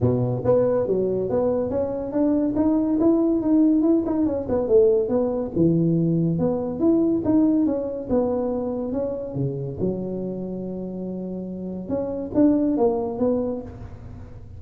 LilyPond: \new Staff \with { instrumentName = "tuba" } { \time 4/4 \tempo 4 = 141 b,4 b4 fis4 b4 | cis'4 d'4 dis'4 e'4 | dis'4 e'8 dis'8 cis'8 b8 a4 | b4 e2 b4 |
e'4 dis'4 cis'4 b4~ | b4 cis'4 cis4 fis4~ | fis1 | cis'4 d'4 ais4 b4 | }